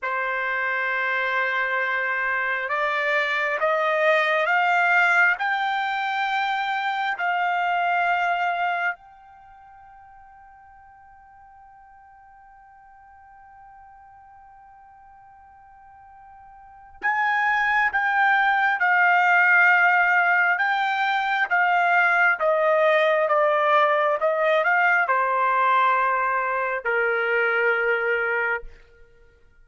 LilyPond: \new Staff \with { instrumentName = "trumpet" } { \time 4/4 \tempo 4 = 67 c''2. d''4 | dis''4 f''4 g''2 | f''2 g''2~ | g''1~ |
g''2. gis''4 | g''4 f''2 g''4 | f''4 dis''4 d''4 dis''8 f''8 | c''2 ais'2 | }